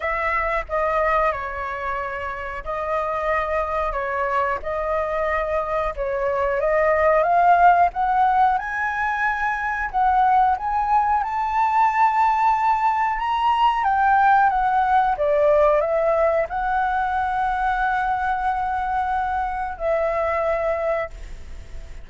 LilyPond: \new Staff \with { instrumentName = "flute" } { \time 4/4 \tempo 4 = 91 e''4 dis''4 cis''2 | dis''2 cis''4 dis''4~ | dis''4 cis''4 dis''4 f''4 | fis''4 gis''2 fis''4 |
gis''4 a''2. | ais''4 g''4 fis''4 d''4 | e''4 fis''2.~ | fis''2 e''2 | }